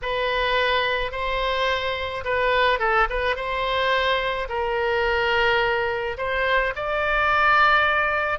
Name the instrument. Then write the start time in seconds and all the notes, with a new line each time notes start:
oboe
0.02 B4
1.11 C5
2.24 B4
2.79 A4
3.09 B4
3.36 C5
4.49 A#4
6.17 C5
6.75 D5